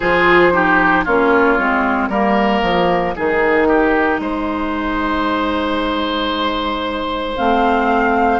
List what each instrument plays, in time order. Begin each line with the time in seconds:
0.00 bassoon F3, clarinet F4, oboe G#4, flute C5
0.52 clarinet D#4, oboe G4
1.04 bassoon A#3, clarinet C#4, oboe F4, flute C#5
1.58 bassoon G#3, clarinet C4
2.09 bassoon G3, clarinet A#3, oboe A#4, flute D#5
2.62 bassoon F3
3.15 bassoon D#3, clarinet D#4, oboe G#4
3.68 oboe G4
4.19 bassoon G#3, oboe C5
7.36 bassoon A3, clarinet C4, flute F5